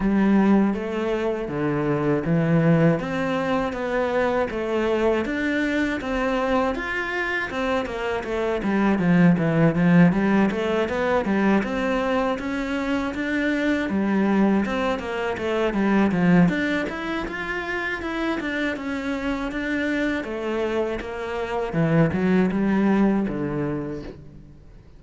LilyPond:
\new Staff \with { instrumentName = "cello" } { \time 4/4 \tempo 4 = 80 g4 a4 d4 e4 | c'4 b4 a4 d'4 | c'4 f'4 c'8 ais8 a8 g8 | f8 e8 f8 g8 a8 b8 g8 c'8~ |
c'8 cis'4 d'4 g4 c'8 | ais8 a8 g8 f8 d'8 e'8 f'4 | e'8 d'8 cis'4 d'4 a4 | ais4 e8 fis8 g4 d4 | }